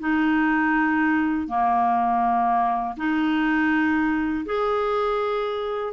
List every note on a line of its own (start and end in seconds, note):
0.00 1.48 D#4
1.48 2.96 A#3
2.97 4.45 D#4
4.46 5.94 G#4